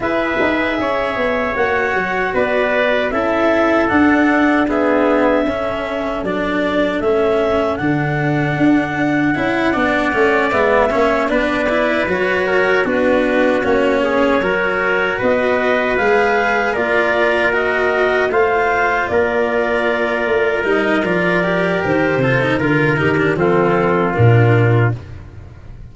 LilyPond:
<<
  \new Staff \with { instrumentName = "clarinet" } { \time 4/4 \tempo 4 = 77 e''2 fis''4 d''4 | e''4 fis''4 e''2 | d''4 e''4 fis''2~ | fis''4. e''4 d''4 cis''8~ |
cis''8 b'4 cis''2 dis''8~ | dis''8 f''4 d''4 dis''4 f''8~ | f''8 d''2 dis''8 d''4 | c''4 ais'8 g'8 a'4 ais'4 | }
  \new Staff \with { instrumentName = "trumpet" } { \time 4/4 b'4 cis''2 b'4 | a'2 gis'4 a'4~ | a'1~ | a'8 d''4. cis''8 b'4. |
ais'8 fis'4. gis'8 ais'4 b'8~ | b'4. ais'2 c''8~ | c''8 ais'2.~ ais'8~ | ais'8 a'8 ais'4 f'2 | }
  \new Staff \with { instrumentName = "cello" } { \time 4/4 gis'2 fis'2 | e'4 d'4 b4 cis'4 | d'4 cis'4 d'2 | e'8 d'8 cis'8 b8 cis'8 d'8 e'8 fis'8~ |
fis'8 d'4 cis'4 fis'4.~ | fis'8 gis'4 f'4 fis'4 f'8~ | f'2~ f'8 dis'8 f'8 g'8~ | g'8 f'16 dis'16 f'8 dis'16 d'16 c'4 d'4 | }
  \new Staff \with { instrumentName = "tuba" } { \time 4/4 e'8 dis'8 cis'8 b8 ais8 fis8 b4 | cis'4 d'2 cis'4 | fis4 a4 d4 d'4 | cis'8 b8 a8 gis8 ais8 b4 fis8~ |
fis8 b4 ais4 fis4 b8~ | b8 gis4 ais2 a8~ | a8 ais4. a8 g8 f4 | dis8 c8 d8 dis8 f4 ais,4 | }
>>